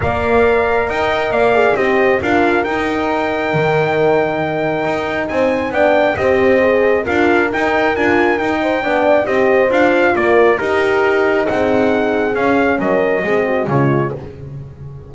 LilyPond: <<
  \new Staff \with { instrumentName = "trumpet" } { \time 4/4 \tempo 4 = 136 f''2 g''4 f''4 | dis''4 f''4 g''2~ | g''1 | gis''4 g''4 dis''2 |
f''4 g''4 gis''4 g''4~ | g''4 dis''4 f''4 d''4 | ais'2 fis''2 | f''4 dis''2 cis''4 | }
  \new Staff \with { instrumentName = "horn" } { \time 4/4 d''2 dis''4 d''4 | c''4 ais'2.~ | ais'1 | c''4 d''4 c''2 |
ais'2.~ ais'8 c''8 | d''4 c''2 ais'4 | g'2 gis'2~ | gis'4 ais'4 gis'8 fis'8 f'4 | }
  \new Staff \with { instrumentName = "horn" } { \time 4/4 ais'2.~ ais'8 gis'8 | g'4 f'4 dis'2~ | dis'1~ | dis'4 d'4 g'4 gis'4 |
f'4 dis'4 f'4 dis'4 | d'4 g'4 f'2 | dis'1 | cis'2 c'4 gis4 | }
  \new Staff \with { instrumentName = "double bass" } { \time 4/4 ais2 dis'4 ais4 | c'4 d'4 dis'2 | dis2. dis'4 | c'4 b4 c'2 |
d'4 dis'4 d'4 dis'4 | b4 c'4 d'4 ais4 | dis'2 c'2 | cis'4 fis4 gis4 cis4 | }
>>